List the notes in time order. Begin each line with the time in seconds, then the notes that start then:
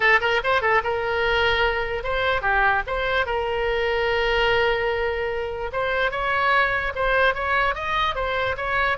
0.00 A4
0.20 A#4
0.43 C5
0.61 A4
0.83 A#4
2.03 C5
2.41 G4
2.87 C5
3.26 A#4
5.72 C5
6.11 C#5
6.95 C5
7.34 C#5
7.75 D#5
8.15 C5
8.57 C#5